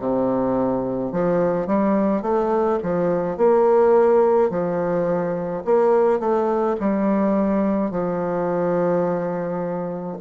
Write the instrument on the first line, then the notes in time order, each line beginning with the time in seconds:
bassoon
0.00 C3
1.12 F3
1.67 G3
2.22 A3
2.84 F3
3.38 A#3
4.51 F3
5.66 A#3
6.20 A3
6.80 G3
7.91 F3